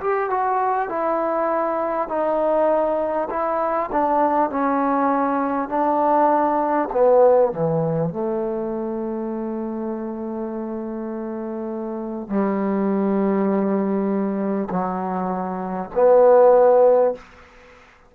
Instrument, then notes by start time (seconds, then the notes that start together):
trombone
0.00 G4
0.29 F#4
0.88 E4
2.08 D#4
3.30 E4
3.92 D4
4.49 C#4
5.68 D4
6.92 B3
7.52 E3
8.09 A3
12.28 G3
14.70 F#3
15.94 B3